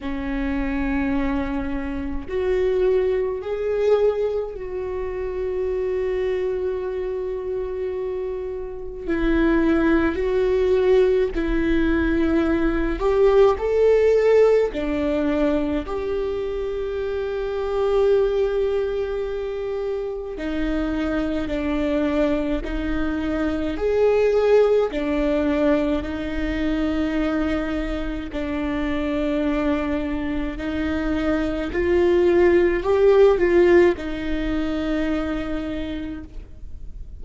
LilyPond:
\new Staff \with { instrumentName = "viola" } { \time 4/4 \tempo 4 = 53 cis'2 fis'4 gis'4 | fis'1 | e'4 fis'4 e'4. g'8 | a'4 d'4 g'2~ |
g'2 dis'4 d'4 | dis'4 gis'4 d'4 dis'4~ | dis'4 d'2 dis'4 | f'4 g'8 f'8 dis'2 | }